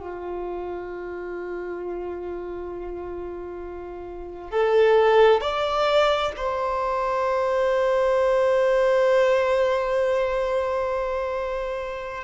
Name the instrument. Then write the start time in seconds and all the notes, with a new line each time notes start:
violin
0.00 F4
4.51 A4
5.41 D5
6.37 C5